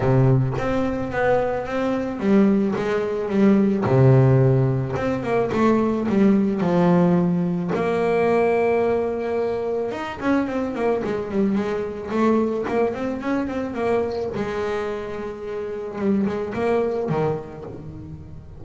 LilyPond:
\new Staff \with { instrumentName = "double bass" } { \time 4/4 \tempo 4 = 109 c4 c'4 b4 c'4 | g4 gis4 g4 c4~ | c4 c'8 ais8 a4 g4 | f2 ais2~ |
ais2 dis'8 cis'8 c'8 ais8 | gis8 g8 gis4 a4 ais8 c'8 | cis'8 c'8 ais4 gis2~ | gis4 g8 gis8 ais4 dis4 | }